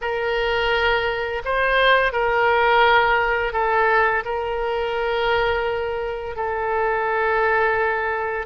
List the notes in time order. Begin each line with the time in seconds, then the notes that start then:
0.01 A#4
1.44 C5
2.12 A#4
3.53 A4
4.24 A#4
6.36 A4